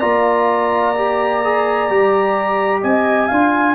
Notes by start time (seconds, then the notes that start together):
0.00 A#3 F4 D5 A#5
0.96 G4
1.44 G#4
1.90 G3 G4
2.81 C4 D#5 G#5
3.28 D4 F4 F5